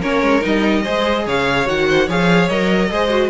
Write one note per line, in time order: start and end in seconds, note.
0.00 0.22 A#3
0.00 0.41 C#4
0.00 0.82 A#4
0.00 0.43 C#5
0.22 0.42 G#3
0.41 0.86 G3
0.41 0.82 D#4
0.41 1.27 D#5
0.83 1.26 G#3
0.83 1.66 G#4
0.83 1.24 C5
1.26 1.67 C#3
1.26 1.88 C#5
1.26 1.68 F5
1.66 2.08 D#3
1.66 2.07 F#4
1.66 2.09 F#5
1.89 2.07 C5
2.07 2.49 F3
2.07 2.50 G#4
2.07 2.89 C#5
2.07 2.48 F5
2.48 2.90 F#3
2.48 2.91 A#4
2.48 3.30 D#5
2.90 3.30 G#3
2.90 3.09 G#4
2.90 3.30 C5
3.09 3.29 F#4